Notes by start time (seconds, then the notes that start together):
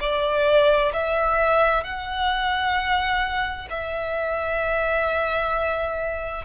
0.00 D5
0.93 E5
1.84 F#5
3.70 E5